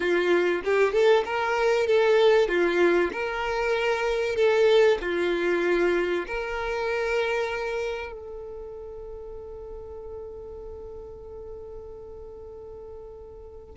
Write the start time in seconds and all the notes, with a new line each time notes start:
0.00 F4
0.64 G4
0.92 A4
1.25 A#4
1.87 A4
2.48 F4
3.12 A#4
4.35 A4
5.01 F4
6.27 A#4
8.12 A4